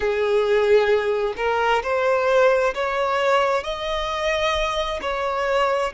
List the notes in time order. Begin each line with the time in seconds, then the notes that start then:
0.00 G#4
1.36 A#4
1.83 C5
2.74 C#5
3.63 D#5
5.01 C#5